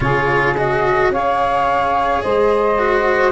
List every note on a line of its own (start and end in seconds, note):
0.00 1.09 C#3
0.00 0.55 F4
0.00 1.12 G#4
0.00 0.55 C#5
0.56 1.12 F#4
0.56 1.12 D#5
1.09 2.20 C#4
1.09 2.78 G#4
1.09 2.23 C#5
1.09 2.21 F5
2.21 3.31 G#3
2.21 3.31 C5
2.21 3.31 D#5
2.78 3.31 F#4